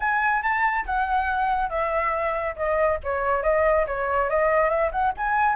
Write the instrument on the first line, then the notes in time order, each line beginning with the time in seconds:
flute
0.00 G#5
0.42 A5
0.85 F#5
1.69 E5
2.56 D#5
3.03 C#5
3.43 D#5
3.86 C#5
4.29 D#5
4.69 E5
4.91 F#5
5.17 G#5